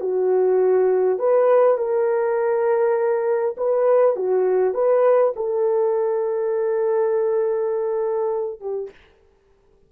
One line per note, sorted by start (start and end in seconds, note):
0.00 1.18 F#4
1.18 1.77 B4
1.77 3.55 A#4
3.57 4.16 B4
4.16 4.74 F#4
4.74 5.33 B4
5.36 8.60 A4
8.60 8.90 G4